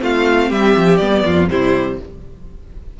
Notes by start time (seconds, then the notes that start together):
0.00 A3 C4 F4 F5
0.49 G3 G4 E5
0.76 F3
0.97 G3 B3 D5
1.25 F2 F4
1.49 C3 G3 E4 C5